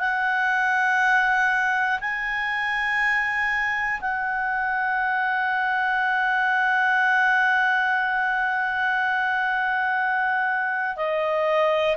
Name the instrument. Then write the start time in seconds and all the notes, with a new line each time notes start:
clarinet
0.00 F#5
2.00 G#5
4.01 F#5
10.96 D#5